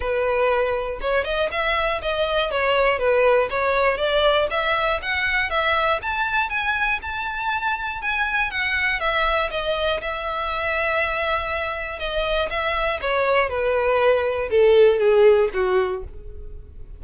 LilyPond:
\new Staff \with { instrumentName = "violin" } { \time 4/4 \tempo 4 = 120 b'2 cis''8 dis''8 e''4 | dis''4 cis''4 b'4 cis''4 | d''4 e''4 fis''4 e''4 | a''4 gis''4 a''2 |
gis''4 fis''4 e''4 dis''4 | e''1 | dis''4 e''4 cis''4 b'4~ | b'4 a'4 gis'4 fis'4 | }